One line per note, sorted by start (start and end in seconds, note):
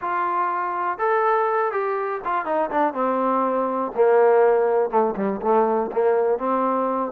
0.01 0.98 F4
0.98 1.71 A4
1.71 2.21 G4
2.24 2.45 F4
2.45 2.70 D#4
2.70 2.93 D4
2.93 3.91 C4
3.95 4.90 A#3
4.90 5.14 A3
5.16 5.41 G3
5.41 5.90 A3
5.92 6.38 A#3
6.38 7.12 C4